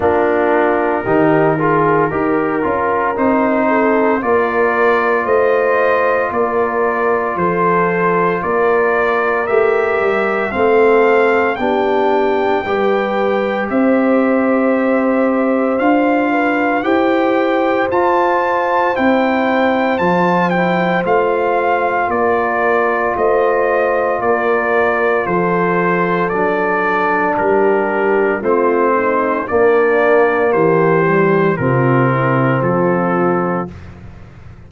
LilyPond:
<<
  \new Staff \with { instrumentName = "trumpet" } { \time 4/4 \tempo 4 = 57 ais'2. c''4 | d''4 dis''4 d''4 c''4 | d''4 e''4 f''4 g''4~ | g''4 e''2 f''4 |
g''4 a''4 g''4 a''8 g''8 | f''4 d''4 dis''4 d''4 | c''4 d''4 ais'4 c''4 | d''4 c''4 ais'4 a'4 | }
  \new Staff \with { instrumentName = "horn" } { \time 4/4 f'4 g'8 gis'8 ais'4. a'8 | ais'4 c''4 ais'4 a'4 | ais'2 a'4 g'4 | b'4 c''2~ c''8 b'8 |
c''1~ | c''4 ais'4 c''4 ais'4 | a'2 g'4 f'8 dis'8 | d'4 g'4 f'8 e'8 f'4 | }
  \new Staff \with { instrumentName = "trombone" } { \time 4/4 d'4 dis'8 f'8 g'8 f'8 dis'4 | f'1~ | f'4 g'4 c'4 d'4 | g'2. f'4 |
g'4 f'4 e'4 f'8 e'8 | f'1~ | f'4 d'2 c'4 | ais4. g8 c'2 | }
  \new Staff \with { instrumentName = "tuba" } { \time 4/4 ais4 dis4 dis'8 cis'8 c'4 | ais4 a4 ais4 f4 | ais4 a8 g8 a4 b4 | g4 c'2 d'4 |
e'4 f'4 c'4 f4 | a4 ais4 a4 ais4 | f4 fis4 g4 a4 | ais4 e4 c4 f4 | }
>>